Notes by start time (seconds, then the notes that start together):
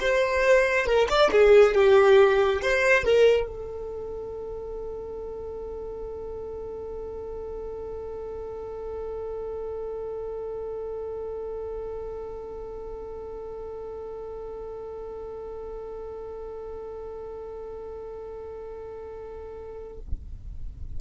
0.00 C5
0.86 A#4
1.09 D5
1.31 G#4
1.74 G4
2.61 C5
3.04 A#4
3.47 A4